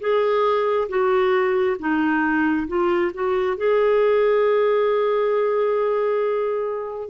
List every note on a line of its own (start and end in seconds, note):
0.00 0.88 G#4
0.89 1.77 F#4
1.79 2.68 D#4
2.68 3.12 F4
3.14 3.57 F#4
3.57 7.09 G#4